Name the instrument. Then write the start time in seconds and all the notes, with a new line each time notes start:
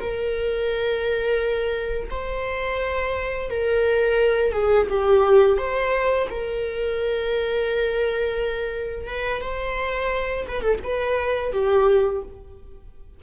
viola
0.00 A#4
2.11 C5
3.50 A#4
4.53 G#4
4.90 G4
5.58 C5
6.30 A#4
9.07 B4
9.42 C5
10.48 B4
10.62 A4
10.84 B4
11.53 G4